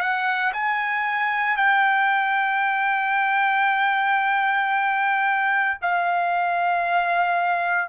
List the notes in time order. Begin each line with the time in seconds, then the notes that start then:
0.00 F#5
0.53 G#5
1.57 G5
5.82 F5